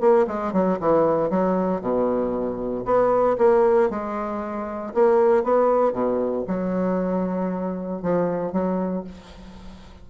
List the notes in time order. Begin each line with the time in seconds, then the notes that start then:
0.00 A#3
0.27 G#3
0.52 F#3
0.79 E3
1.29 F#3
1.81 B2
2.85 B3
3.38 A#3
3.90 G#3
4.93 A#3
5.43 B3
5.92 B2
6.47 F#3
8.02 F3
8.52 F#3